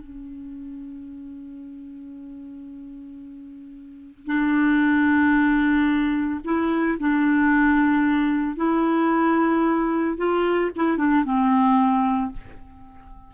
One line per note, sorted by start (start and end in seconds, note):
0.00 4.26 C#4
4.26 6.40 D4
6.44 6.98 E4
6.99 8.56 D4
8.56 10.17 E4
10.17 10.71 F4
10.76 10.97 E4
10.97 11.24 D4
11.25 12.32 C4